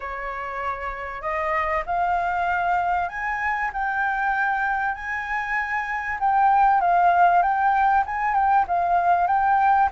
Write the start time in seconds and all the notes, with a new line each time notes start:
0.00 C#5
1.21 D#5
1.86 F5
3.08 G#5
3.73 G5
4.94 G#5
6.19 G5
6.80 F5
7.42 G5
8.06 G#5
8.34 G5
8.67 F5
9.27 G5